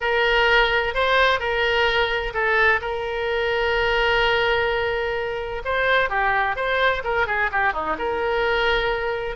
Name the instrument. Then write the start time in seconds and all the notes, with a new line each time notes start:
oboe
0.00 A#4
0.94 C5
1.39 A#4
2.33 A4
2.81 A#4
5.64 C5
6.09 G4
6.56 C5
7.04 A#4
7.27 G#4
7.51 G4
7.73 D#4
7.98 A#4